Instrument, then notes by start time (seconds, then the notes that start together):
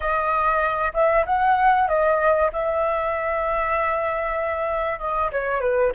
flute
0.00 D#5
0.93 E5
1.26 F#5
1.88 D#5
2.52 E5
4.99 D#5
5.32 C#5
5.60 B4